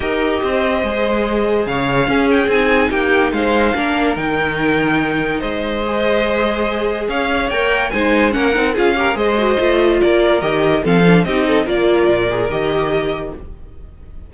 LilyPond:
<<
  \new Staff \with { instrumentName = "violin" } { \time 4/4 \tempo 4 = 144 dis''1 | f''4. g''8 gis''4 g''4 | f''2 g''2~ | g''4 dis''2.~ |
dis''4 f''4 g''4 gis''4 | fis''4 f''4 dis''2 | d''4 dis''4 f''4 dis''4 | d''2 dis''2 | }
  \new Staff \with { instrumentName = "violin" } { \time 4/4 ais'4 c''2. | cis''4 gis'2 g'4 | c''4 ais'2.~ | ais'4 c''2.~ |
c''4 cis''2 c''4 | ais'4 gis'8 ais'8 c''2 | ais'2 a'4 g'8 a'8 | ais'1 | }
  \new Staff \with { instrumentName = "viola" } { \time 4/4 g'2 gis'2~ | gis'4 cis'4 dis'2~ | dis'4 d'4 dis'2~ | dis'2 gis'2~ |
gis'2 ais'4 dis'4 | cis'8 dis'8 f'8 g'8 gis'8 fis'8 f'4~ | f'4 g'4 c'8 d'8 dis'4 | f'4. gis'8 g'2 | }
  \new Staff \with { instrumentName = "cello" } { \time 4/4 dis'4 c'4 gis2 | cis4 cis'4 c'4 ais4 | gis4 ais4 dis2~ | dis4 gis2.~ |
gis4 cis'4 ais4 gis4 | ais8 c'8 cis'4 gis4 a4 | ais4 dis4 f4 c'4 | ais4 ais,4 dis2 | }
>>